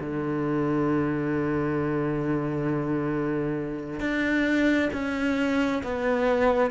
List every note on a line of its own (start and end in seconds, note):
0.00 4.00 D3
4.00 4.90 D4
4.93 5.82 C#4
5.83 6.71 B3